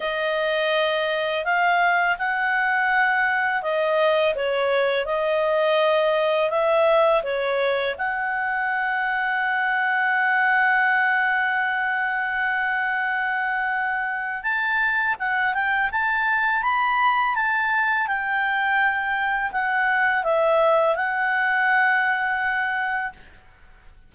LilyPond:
\new Staff \with { instrumentName = "clarinet" } { \time 4/4 \tempo 4 = 83 dis''2 f''4 fis''4~ | fis''4 dis''4 cis''4 dis''4~ | dis''4 e''4 cis''4 fis''4~ | fis''1~ |
fis''1 | a''4 fis''8 g''8 a''4 b''4 | a''4 g''2 fis''4 | e''4 fis''2. | }